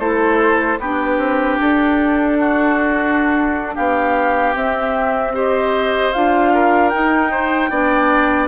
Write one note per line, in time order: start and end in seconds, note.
0.00 0.79 A3
0.00 0.79 E4
0.00 0.79 A4
0.00 0.79 C5
0.80 1.19 B3
0.80 4.55 D4
0.80 2.38 G4
0.80 1.59 B4
1.19 1.58 C4
1.61 3.78 D4
1.61 3.76 A4
2.40 3.75 F#4
3.75 4.55 B3
3.75 5.33 G4
3.75 4.55 F5
4.55 6.13 C4
4.55 5.34 C4
4.55 5.35 E5
5.34 6.13 G4
5.34 6.53 C5
5.34 6.13 D#5
6.13 6.94 D4
6.13 6.93 F4
6.13 6.90 F5
6.54 7.31 A#4
6.90 7.72 D#4
6.90 7.71 D#4
6.90 8.48 G5
7.31 7.71 C5
7.71 8.48 B3
7.71 8.48 D4
7.71 8.48 D5